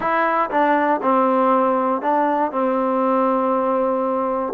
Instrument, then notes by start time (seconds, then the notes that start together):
trombone
0.00 E4
0.50 D4
1.02 C4
2.01 D4
2.51 C4